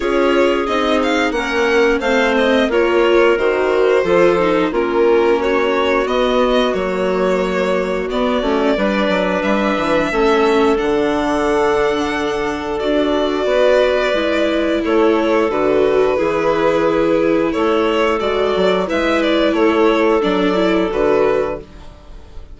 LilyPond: <<
  \new Staff \with { instrumentName = "violin" } { \time 4/4 \tempo 4 = 89 cis''4 dis''8 f''8 fis''4 f''8 dis''8 | cis''4 c''2 ais'4 | cis''4 dis''4 cis''2 | d''2 e''2 |
fis''2. d''4~ | d''2 cis''4 b'4~ | b'2 cis''4 d''4 | e''8 d''8 cis''4 d''4 b'4 | }
  \new Staff \with { instrumentName = "clarinet" } { \time 4/4 gis'2 ais'4 c''4 | ais'2 a'4 f'4 | fis'1~ | fis'4 b'2 a'4~ |
a'1 | b'2 a'2 | gis'2 a'2 | b'4 a'2. | }
  \new Staff \with { instrumentName = "viola" } { \time 4/4 f'4 dis'4 cis'4 c'4 | f'4 fis'4 f'8 dis'8 cis'4~ | cis'4 b4 ais2 | b8 cis'8 d'2 cis'4 |
d'2. fis'4~ | fis'4 e'2 fis'4 | e'2. fis'4 | e'2 d'8 e'8 fis'4 | }
  \new Staff \with { instrumentName = "bassoon" } { \time 4/4 cis'4 c'4 ais4 a4 | ais4 dis4 f4 ais4~ | ais4 b4 fis2 | b8 a8 g8 fis8 g8 e8 a4 |
d2. d'4 | b4 gis4 a4 d4 | e2 a4 gis8 fis8 | gis4 a4 fis4 d4 | }
>>